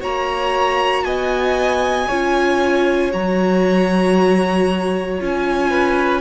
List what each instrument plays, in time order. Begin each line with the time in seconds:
0.00 cello A#3, viola F#4, violin C#5 A#5
1.04 cello B3, violin D#5 G#5
2.08 cello C#4, viola F4, violin C#5
3.11 cello F#3, viola F#4, violin A#5
5.19 cello C#4, viola F4, violin G#5
5.70 violin B4